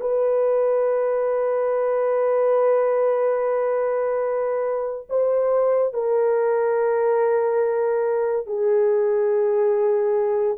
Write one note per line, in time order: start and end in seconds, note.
0.00 5.07 B4
5.09 5.93 C5
5.93 8.46 A#4
8.46 10.57 G#4